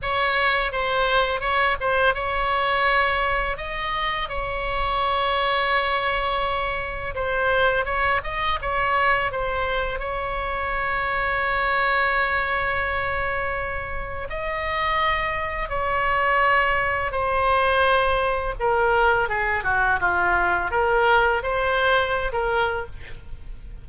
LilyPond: \new Staff \with { instrumentName = "oboe" } { \time 4/4 \tempo 4 = 84 cis''4 c''4 cis''8 c''8 cis''4~ | cis''4 dis''4 cis''2~ | cis''2 c''4 cis''8 dis''8 | cis''4 c''4 cis''2~ |
cis''1 | dis''2 cis''2 | c''2 ais'4 gis'8 fis'8 | f'4 ais'4 c''4~ c''16 ais'8. | }